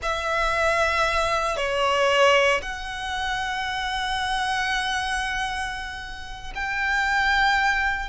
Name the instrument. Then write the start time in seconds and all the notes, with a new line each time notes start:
violin
0.02 E5
1.57 C#5
2.61 F#5
6.55 G5